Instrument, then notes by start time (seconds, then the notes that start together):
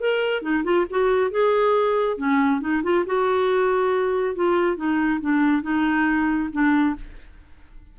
clarinet
0.00 A#4
0.42 D#4
0.64 F4
0.90 F#4
1.31 G#4
2.18 C#4
2.61 D#4
2.83 F4
3.06 F#4
4.35 F4
4.76 D#4
5.21 D4
5.63 D#4
6.52 D4